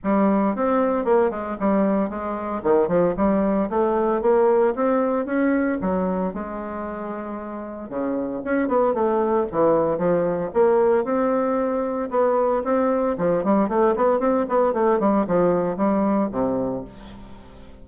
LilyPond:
\new Staff \with { instrumentName = "bassoon" } { \time 4/4 \tempo 4 = 114 g4 c'4 ais8 gis8 g4 | gis4 dis8 f8 g4 a4 | ais4 c'4 cis'4 fis4 | gis2. cis4 |
cis'8 b8 a4 e4 f4 | ais4 c'2 b4 | c'4 f8 g8 a8 b8 c'8 b8 | a8 g8 f4 g4 c4 | }